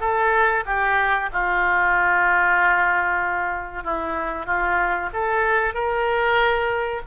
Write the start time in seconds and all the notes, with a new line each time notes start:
0.00 A4
0.66 G4
1.32 F4
3.83 E4
4.46 F4
5.13 A4
5.74 A#4